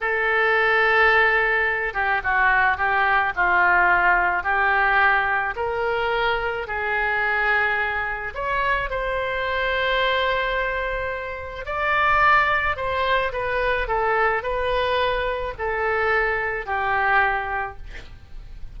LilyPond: \new Staff \with { instrumentName = "oboe" } { \time 4/4 \tempo 4 = 108 a'2.~ a'8 g'8 | fis'4 g'4 f'2 | g'2 ais'2 | gis'2. cis''4 |
c''1~ | c''4 d''2 c''4 | b'4 a'4 b'2 | a'2 g'2 | }